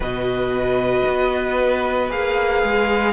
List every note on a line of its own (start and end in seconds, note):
0.00 1.02 B2
0.00 2.09 F#4
0.00 3.12 B4
0.00 2.11 D#5
1.06 2.10 B3
2.09 2.63 A#3
2.09 3.12 G#4
2.09 3.12 F5
2.63 3.12 G#3